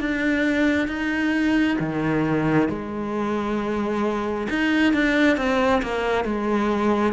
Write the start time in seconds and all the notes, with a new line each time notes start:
0.00 D4
0.88 D#4
1.80 D#3
2.69 G#3
4.50 D#4
4.94 D4
5.37 C4
5.82 A#3
6.25 G#3